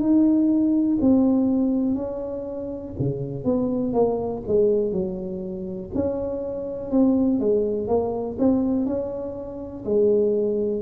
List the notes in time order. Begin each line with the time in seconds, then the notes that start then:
0.00 D#4
1.01 C4
1.95 C#4
3.00 C#3
3.45 B3
3.93 A#3
4.48 G#3
4.93 F#3
5.95 C#4
6.91 C4
7.40 G#3
7.88 A#3
8.39 C4
8.87 C#4
9.85 G#3